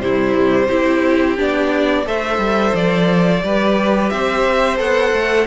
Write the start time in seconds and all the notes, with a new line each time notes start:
0.00 C3 G3 E4 C5
0.68 C4 E4 G4
1.38 B3 D4 D5
2.06 A3 A4 C5 E5
2.38 G3
2.75 F3 D5
3.43 G3 G4 B4
4.10 C4 C5 E5
4.78 B3 A4 F#5
5.13 A3